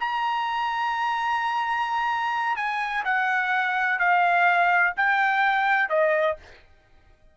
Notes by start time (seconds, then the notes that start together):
0.00 A#5
2.56 G#5
3.05 F#5
3.99 F5
4.97 G5
5.89 D#5